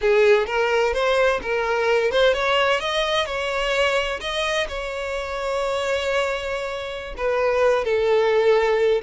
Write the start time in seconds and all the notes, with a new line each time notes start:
0.01 G#4
0.46 A#4
0.93 C5
1.42 A#4
2.11 C5
2.33 C#5
2.80 D#5
3.26 C#5
4.20 D#5
4.68 C#5
7.17 B4
7.84 A4